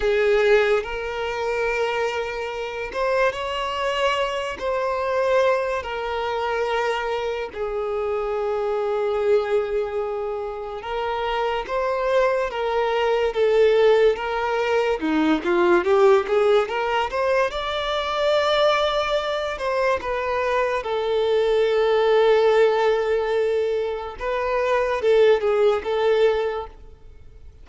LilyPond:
\new Staff \with { instrumentName = "violin" } { \time 4/4 \tempo 4 = 72 gis'4 ais'2~ ais'8 c''8 | cis''4. c''4. ais'4~ | ais'4 gis'2.~ | gis'4 ais'4 c''4 ais'4 |
a'4 ais'4 dis'8 f'8 g'8 gis'8 | ais'8 c''8 d''2~ d''8 c''8 | b'4 a'2.~ | a'4 b'4 a'8 gis'8 a'4 | }